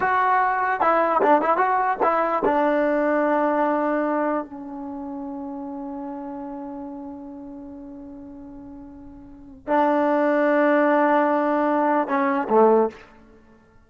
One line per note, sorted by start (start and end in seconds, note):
0.00 0.81 F#4
0.81 1.21 E4
1.22 1.41 D4
1.41 1.57 E4
1.57 1.97 F#4
2.03 2.43 E4
2.44 4.44 D4
4.44 9.67 C#4
9.67 12.07 D4
12.07 12.47 C#4
12.49 12.89 A3